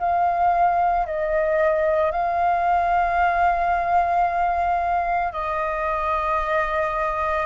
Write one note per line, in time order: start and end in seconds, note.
0.00 1.07 F5
1.07 2.11 D#5
2.11 5.33 F5
5.33 7.47 D#5